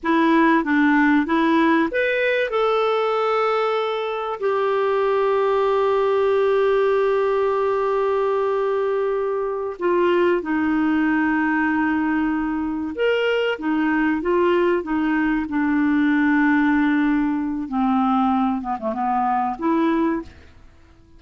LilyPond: \new Staff \with { instrumentName = "clarinet" } { \time 4/4 \tempo 4 = 95 e'4 d'4 e'4 b'4 | a'2. g'4~ | g'1~ | g'2.~ g'8 f'8~ |
f'8 dis'2.~ dis'8~ | dis'8 ais'4 dis'4 f'4 dis'8~ | dis'8 d'2.~ d'8 | c'4. b16 a16 b4 e'4 | }